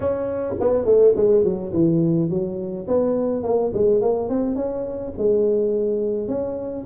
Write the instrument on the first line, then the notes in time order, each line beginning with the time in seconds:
tuba
0.00 C#4
0.59 B3
0.85 A3
1.16 G#3
1.44 F#3
1.72 E3
2.29 F#3
2.87 B3
3.43 A#3
3.73 G#3
4.01 A#3
4.29 C4
4.55 C#4
5.17 G#3
6.28 C#4